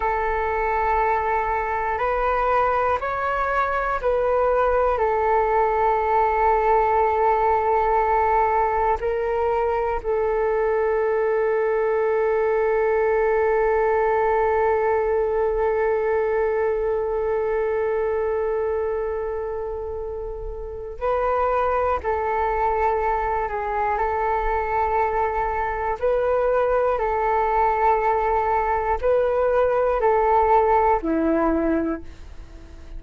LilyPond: \new Staff \with { instrumentName = "flute" } { \time 4/4 \tempo 4 = 60 a'2 b'4 cis''4 | b'4 a'2.~ | a'4 ais'4 a'2~ | a'1~ |
a'1~ | a'4 b'4 a'4. gis'8 | a'2 b'4 a'4~ | a'4 b'4 a'4 e'4 | }